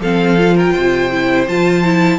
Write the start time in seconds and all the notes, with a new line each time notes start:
0.00 F3 C4 A4 F5
0.37 F4
0.55 A#4 G5
0.73 C3 C5
1.11 E4
1.47 F3 F4 A5
1.84 E4